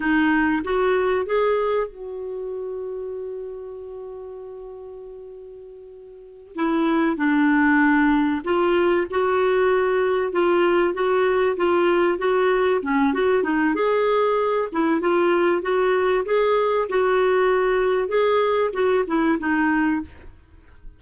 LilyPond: \new Staff \with { instrumentName = "clarinet" } { \time 4/4 \tempo 4 = 96 dis'4 fis'4 gis'4 fis'4~ | fis'1~ | fis'2~ fis'8 e'4 d'8~ | d'4. f'4 fis'4.~ |
fis'8 f'4 fis'4 f'4 fis'8~ | fis'8 cis'8 fis'8 dis'8 gis'4. e'8 | f'4 fis'4 gis'4 fis'4~ | fis'4 gis'4 fis'8 e'8 dis'4 | }